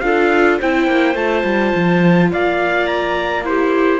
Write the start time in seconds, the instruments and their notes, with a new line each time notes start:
0.00 cello D4, viola F4, clarinet A4, trumpet F5
0.59 cello C4, viola E4, clarinet C5, trumpet G5
0.87 cello A#3
1.15 cello A3, viola F4, trumpet A5
1.44 cello G3
1.76 cello F3
2.32 cello A#3, clarinet D5, trumpet F5
2.87 trumpet A#5
3.44 viola E4, clarinet G4, trumpet C5